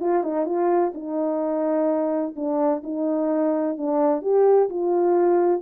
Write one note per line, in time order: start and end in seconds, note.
0.00 0.23 F4
0.23 0.46 D#4
0.46 0.92 F4
0.94 2.35 D#4
2.36 2.83 D4
2.83 3.77 D#4
3.77 4.22 D4
4.22 4.69 G4
4.69 5.61 F4